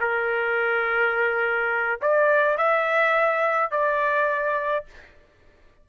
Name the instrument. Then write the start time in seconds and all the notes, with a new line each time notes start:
trumpet
0.00 A#4
2.01 D5
2.57 E5
3.71 D5